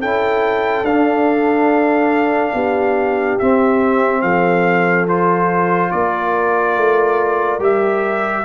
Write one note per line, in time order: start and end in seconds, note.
0.00 0.83 C#4
0.00 0.86 E4
0.00 2.54 A4
0.00 0.85 G5
0.83 2.52 D4
0.83 3.41 D4
0.83 3.39 F5
2.54 3.38 B3
2.54 4.23 G4
3.39 5.08 C4
3.39 4.23 C4
3.39 4.22 E5
4.22 5.92 F3
4.22 5.93 A4
4.22 5.06 F5
5.08 7.60 F4
5.08 5.91 C5
5.91 6.77 A#3
5.91 8.46 A#4
5.91 7.60 D5
6.77 7.59 A3
7.59 8.44 G3
7.59 8.45 G4
7.59 8.46 E5